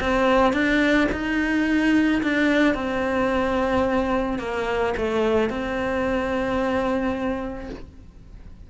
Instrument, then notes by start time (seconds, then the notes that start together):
cello
0.00 C4
0.53 D4
1.12 D#4
2.22 D4
2.74 C4
4.39 A#3
4.97 A3
5.49 C4